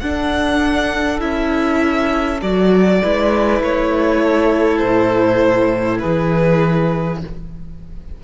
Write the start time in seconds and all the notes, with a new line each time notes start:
0.00 D4 A4 F#5
1.19 C#4 E4 E5
2.42 F#3 F#4 D5
3.02 G#3 E4 B4
3.61 A3 C#5
4.23 A4
4.78 A2 C5
5.99 E3 G#4 B4